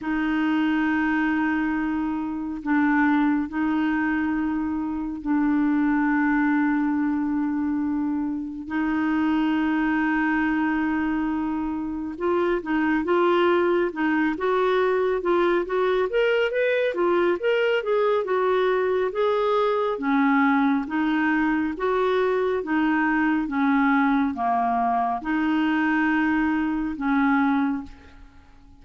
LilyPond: \new Staff \with { instrumentName = "clarinet" } { \time 4/4 \tempo 4 = 69 dis'2. d'4 | dis'2 d'2~ | d'2 dis'2~ | dis'2 f'8 dis'8 f'4 |
dis'8 fis'4 f'8 fis'8 ais'8 b'8 f'8 | ais'8 gis'8 fis'4 gis'4 cis'4 | dis'4 fis'4 dis'4 cis'4 | ais4 dis'2 cis'4 | }